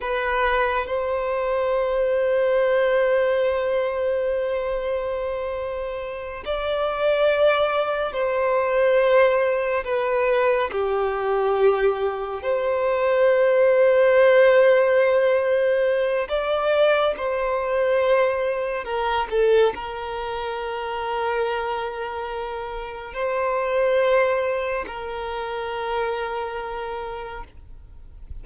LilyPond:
\new Staff \with { instrumentName = "violin" } { \time 4/4 \tempo 4 = 70 b'4 c''2.~ | c''2.~ c''8 d''8~ | d''4. c''2 b'8~ | b'8 g'2 c''4.~ |
c''2. d''4 | c''2 ais'8 a'8 ais'4~ | ais'2. c''4~ | c''4 ais'2. | }